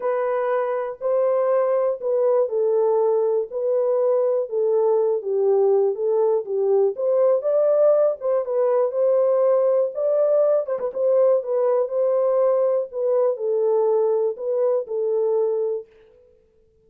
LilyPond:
\new Staff \with { instrumentName = "horn" } { \time 4/4 \tempo 4 = 121 b'2 c''2 | b'4 a'2 b'4~ | b'4 a'4. g'4. | a'4 g'4 c''4 d''4~ |
d''8 c''8 b'4 c''2 | d''4. c''16 b'16 c''4 b'4 | c''2 b'4 a'4~ | a'4 b'4 a'2 | }